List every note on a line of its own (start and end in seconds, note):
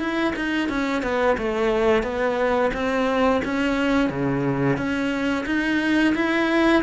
0.00 0.34 E4
0.36 0.69 D#4
0.69 1.03 C#4
1.03 1.37 B3
1.38 2.03 A3
2.03 2.71 B3
2.74 3.42 C4
3.45 4.10 C#4
4.10 4.77 C#3
4.77 5.45 C#4
5.46 6.14 D#4
6.15 6.83 E4